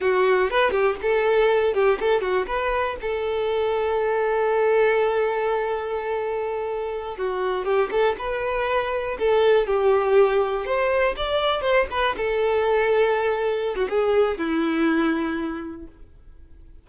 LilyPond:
\new Staff \with { instrumentName = "violin" } { \time 4/4 \tempo 4 = 121 fis'4 b'8 g'8 a'4. g'8 | a'8 fis'8 b'4 a'2~ | a'1~ | a'2~ a'8 fis'4 g'8 |
a'8 b'2 a'4 g'8~ | g'4. c''4 d''4 c''8 | b'8 a'2.~ a'16 fis'16 | gis'4 e'2. | }